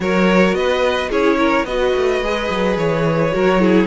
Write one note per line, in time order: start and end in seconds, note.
0.00 0.53 F#3
0.00 1.10 F#4
0.00 0.57 A#4
0.00 0.55 C#5
0.53 1.08 B3
0.53 1.09 B4
0.53 1.10 D#5
1.09 1.64 C#4
1.09 1.66 E4
1.09 1.37 G#4
1.09 1.65 C#5
1.38 1.66 A#4
1.64 1.92 B3
1.64 2.23 F#4
1.64 3.34 B4
1.64 2.77 D#5
1.96 2.21 A3
2.21 2.49 G#3
2.21 3.32 G#4
2.50 2.77 F#3
2.77 3.32 E3
2.77 3.86 C#5
3.32 3.86 F#3
3.32 3.59 F#4
3.32 3.61 A#4
3.59 3.86 E4
3.59 3.86 G#4